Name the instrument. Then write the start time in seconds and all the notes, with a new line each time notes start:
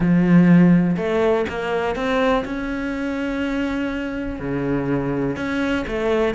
cello
0.00 F3
0.96 A3
1.49 A#3
1.95 C4
2.44 C#4
4.39 C#3
5.36 C#4
5.87 A3